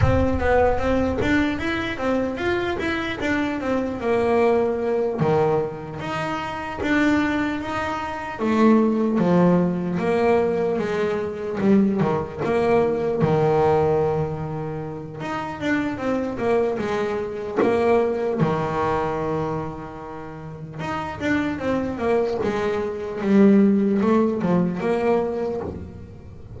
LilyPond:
\new Staff \with { instrumentName = "double bass" } { \time 4/4 \tempo 4 = 75 c'8 b8 c'8 d'8 e'8 c'8 f'8 e'8 | d'8 c'8 ais4. dis4 dis'8~ | dis'8 d'4 dis'4 a4 f8~ | f8 ais4 gis4 g8 dis8 ais8~ |
ais8 dis2~ dis8 dis'8 d'8 | c'8 ais8 gis4 ais4 dis4~ | dis2 dis'8 d'8 c'8 ais8 | gis4 g4 a8 f8 ais4 | }